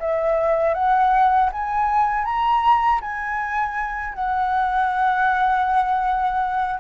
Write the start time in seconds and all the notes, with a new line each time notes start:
0.00 E5
0.75 F#5
1.53 G#5
2.25 A#5
3.01 G#5
4.15 F#5